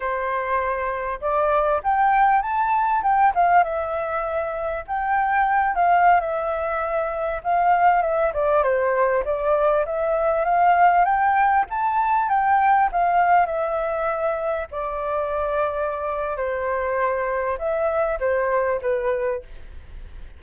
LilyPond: \new Staff \with { instrumentName = "flute" } { \time 4/4 \tempo 4 = 99 c''2 d''4 g''4 | a''4 g''8 f''8 e''2 | g''4. f''8. e''4.~ e''16~ | e''16 f''4 e''8 d''8 c''4 d''8.~ |
d''16 e''4 f''4 g''4 a''8.~ | a''16 g''4 f''4 e''4.~ e''16~ | e''16 d''2~ d''8. c''4~ | c''4 e''4 c''4 b'4 | }